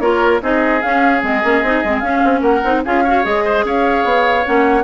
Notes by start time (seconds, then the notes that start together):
0.00 A#3 F4 A#4 C#5
0.42 C4 D#4 G#4 D#5
0.82 C#4 F5
1.22 G#3 C4 D#5
1.44 A#3 C#4
1.63 C4 D#4
1.84 G#3 C4
2.00 C#4 F5
2.24 C4
2.41 A#3 A#4 F#5
2.64 C4 D#4
2.85 C#4 F4 G#4 F5
3.04 F#4 C#5
3.23 G#3 G#4 D#5
3.45 C5
3.65 C#4 C#5 F5
4.05 B3
4.45 A#3 C#4 F#5